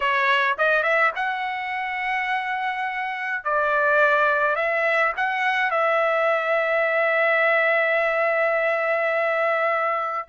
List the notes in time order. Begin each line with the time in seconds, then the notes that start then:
0.00 C#5
0.58 D#5
0.83 E5
1.15 F#5
3.43 D5
4.55 E5
5.16 F#5
5.70 E5